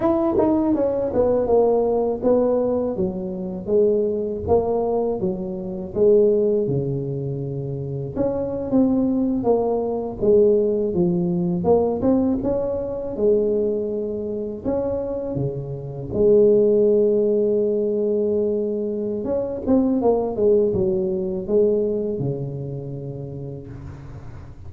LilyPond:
\new Staff \with { instrumentName = "tuba" } { \time 4/4 \tempo 4 = 81 e'8 dis'8 cis'8 b8 ais4 b4 | fis4 gis4 ais4 fis4 | gis4 cis2 cis'8. c'16~ | c'8. ais4 gis4 f4 ais16~ |
ais16 c'8 cis'4 gis2 cis'16~ | cis'8. cis4 gis2~ gis16~ | gis2 cis'8 c'8 ais8 gis8 | fis4 gis4 cis2 | }